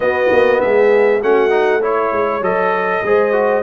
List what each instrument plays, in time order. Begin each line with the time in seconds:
0.00 trombone B3, tuba B3, horn F#4, trumpet D#5
0.31 tuba A#3
0.60 tuba G#3, horn G#4, trumpet E5
1.21 tuba A3, trombone C#4, horn F#4, trumpet F#5
1.50 trombone D#4
1.80 trombone E4, horn C#5, trumpet C#5
2.12 tuba G#3
2.41 tuba F#3, trombone A4, trumpet D#5
3.03 tuba G#3, trombone G#4, horn C5
3.32 trombone F#4